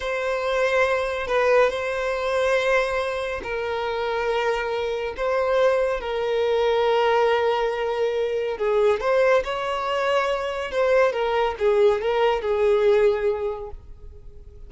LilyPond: \new Staff \with { instrumentName = "violin" } { \time 4/4 \tempo 4 = 140 c''2. b'4 | c''1 | ais'1 | c''2 ais'2~ |
ais'1 | gis'4 c''4 cis''2~ | cis''4 c''4 ais'4 gis'4 | ais'4 gis'2. | }